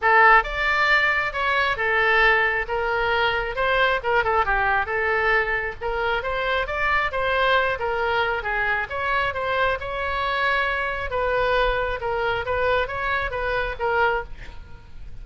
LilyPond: \new Staff \with { instrumentName = "oboe" } { \time 4/4 \tempo 4 = 135 a'4 d''2 cis''4 | a'2 ais'2 | c''4 ais'8 a'8 g'4 a'4~ | a'4 ais'4 c''4 d''4 |
c''4. ais'4. gis'4 | cis''4 c''4 cis''2~ | cis''4 b'2 ais'4 | b'4 cis''4 b'4 ais'4 | }